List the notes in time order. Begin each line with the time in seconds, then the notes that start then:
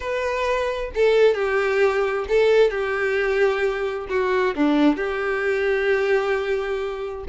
0.00 B4
0.94 A4
1.34 G4
2.28 A4
2.70 G4
4.09 F#4
4.55 D4
4.96 G4